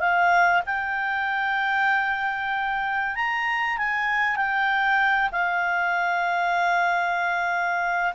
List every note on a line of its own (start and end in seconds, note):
0.00 0.62 F5
0.66 3.16 G5
3.16 3.78 A#5
3.78 4.36 G#5
4.36 5.30 G5
5.32 8.13 F5